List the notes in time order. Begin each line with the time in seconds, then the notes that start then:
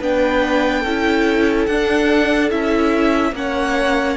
0.00 B3 D4 B4 G5
0.81 C#4 A4
0.87 E4
1.66 D4 F#5
2.50 C#4 E4 E5
3.33 A#3 C#4 C#5 F#5